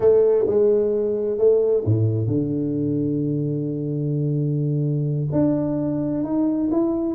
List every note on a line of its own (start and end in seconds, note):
0.00 0.45 A3
0.46 1.37 G#3
1.37 1.84 A3
1.85 2.27 A2
2.27 5.27 D3
5.32 6.23 D4
6.23 6.70 D#4
6.71 7.14 E4